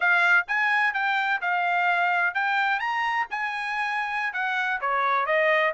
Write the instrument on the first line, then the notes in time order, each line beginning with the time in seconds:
trumpet
0.00 F5
0.47 G#5
0.93 G5
1.41 F5
2.34 G5
2.79 A#5
3.30 G#5
4.33 F#5
4.80 C#5
5.26 D#5